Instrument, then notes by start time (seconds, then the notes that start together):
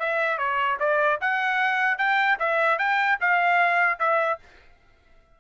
trumpet
0.00 E5
0.39 C#5
0.80 D5
1.21 F#5
1.99 G5
2.40 E5
2.79 G5
3.21 F5
4.00 E5